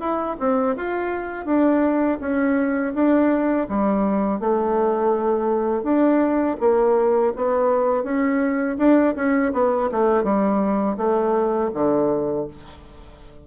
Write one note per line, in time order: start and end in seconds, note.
0.00 0.37 E4
0.40 0.76 C4
0.76 1.46 F4
1.46 2.19 D4
2.21 2.94 C#4
2.95 3.68 D4
3.69 4.40 G3
4.40 5.83 A3
5.83 6.57 D4
6.60 7.33 A#3
7.36 8.04 B3
8.04 8.77 C#4
8.78 9.15 D4
9.16 9.52 C#4
9.53 9.89 B3
9.91 10.24 A3
10.24 10.97 G3
10.98 11.71 A3
11.74 12.47 D3